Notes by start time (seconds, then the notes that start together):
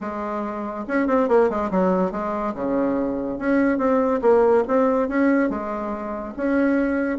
0.00 G#3
0.87 C#4
1.07 C4
1.28 A#3
1.49 G#3
1.71 F#3
2.11 G#3
2.54 C#3
3.38 C#4
3.78 C4
4.21 A#3
4.67 C4
5.08 C#4
5.49 G#3
6.36 C#4